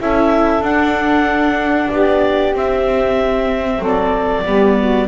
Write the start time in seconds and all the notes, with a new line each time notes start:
0.00 C#4 E4 A4 E5
0.61 D4 F#5
1.90 B3 G4 D5
2.54 C4 E5
3.79 F#3 A4
3.86 D5
4.45 G3 B3 G4
4.80 F#4